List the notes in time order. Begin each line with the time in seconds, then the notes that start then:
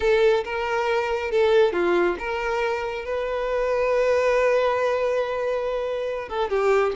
0.00 A4
0.44 A#4
1.31 A4
1.73 F4
2.18 A#4
3.05 B4
6.28 A4
6.49 G4